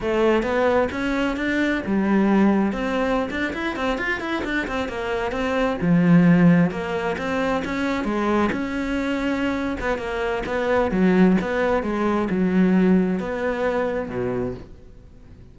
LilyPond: \new Staff \with { instrumentName = "cello" } { \time 4/4 \tempo 4 = 132 a4 b4 cis'4 d'4 | g2 c'4~ c'16 d'8 e'16~ | e'16 c'8 f'8 e'8 d'8 c'8 ais4 c'16~ | c'8. f2 ais4 c'16~ |
c'8. cis'4 gis4 cis'4~ cis'16~ | cis'4. b8 ais4 b4 | fis4 b4 gis4 fis4~ | fis4 b2 b,4 | }